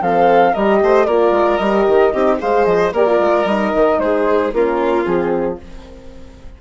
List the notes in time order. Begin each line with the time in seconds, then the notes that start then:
0.00 F3 C4 A4 F5
0.53 G3 G4 A#4 D#5
0.82 A3 C5
1.06 A#3 F4 A#4 D5
1.31 G#3
1.57 G3 G4 D#5
1.87 D#3
2.12 C4 D#4 G4
2.39 G#3 G#4 C5 F5
2.65 F3 D#5
2.93 A#3 G4 A#4 D5
3.06 F4
3.19 G#3
3.45 G3 D#4 D#5
3.75 D#3
3.98 G#3 G#4 C5
4.53 A#3 C#4 F4 A#4
5.03 F3 C4 G#4